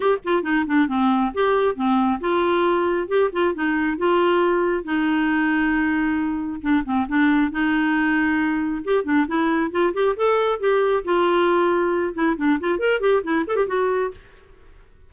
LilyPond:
\new Staff \with { instrumentName = "clarinet" } { \time 4/4 \tempo 4 = 136 g'8 f'8 dis'8 d'8 c'4 g'4 | c'4 f'2 g'8 f'8 | dis'4 f'2 dis'4~ | dis'2. d'8 c'8 |
d'4 dis'2. | g'8 d'8 e'4 f'8 g'8 a'4 | g'4 f'2~ f'8 e'8 | d'8 f'8 ais'8 g'8 e'8 a'16 g'16 fis'4 | }